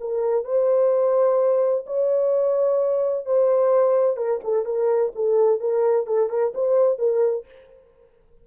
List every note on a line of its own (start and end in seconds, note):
0.00 0.45 A#4
0.45 1.85 C5
1.86 3.26 C#5
3.26 4.17 C5
4.17 4.40 A#4
4.44 4.65 A4
4.65 5.12 A#4
5.15 5.60 A4
5.60 6.06 A#4
6.06 6.29 A4
6.29 6.53 A#4
6.54 6.98 C5
6.98 7.45 A#4